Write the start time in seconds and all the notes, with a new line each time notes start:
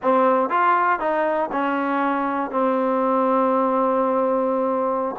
0.02 C4
0.49 F4
0.99 D#4
1.51 C#4
2.50 C4